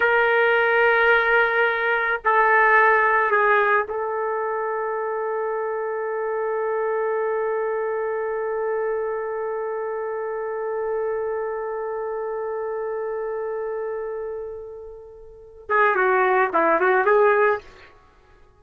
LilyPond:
\new Staff \with { instrumentName = "trumpet" } { \time 4/4 \tempo 4 = 109 ais'1 | a'2 gis'4 a'4~ | a'1~ | a'1~ |
a'1~ | a'1~ | a'1~ | a'8 gis'8 fis'4 e'8 fis'8 gis'4 | }